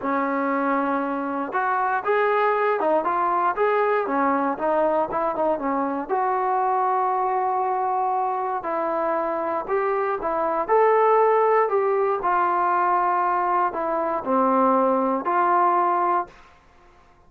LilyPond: \new Staff \with { instrumentName = "trombone" } { \time 4/4 \tempo 4 = 118 cis'2. fis'4 | gis'4. dis'8 f'4 gis'4 | cis'4 dis'4 e'8 dis'8 cis'4 | fis'1~ |
fis'4 e'2 g'4 | e'4 a'2 g'4 | f'2. e'4 | c'2 f'2 | }